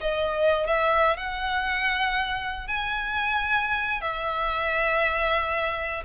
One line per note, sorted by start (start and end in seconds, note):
0.00 0.67 D#5
0.67 1.17 E5
1.17 2.67 F#5
2.67 4.01 G#5
4.01 6.03 E5